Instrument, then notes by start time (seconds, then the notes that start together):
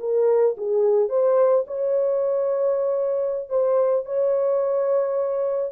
horn
0.00 A#4
0.58 G#4
1.10 C5
1.67 C#5
3.50 C5
4.06 C#5